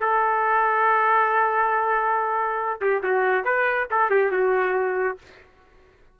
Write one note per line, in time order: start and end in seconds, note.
0.00 2.81 A4
2.81 3.02 G4
3.03 3.45 F#4
3.45 3.88 B4
3.90 4.10 A4
4.10 4.31 G4
4.31 5.18 F#4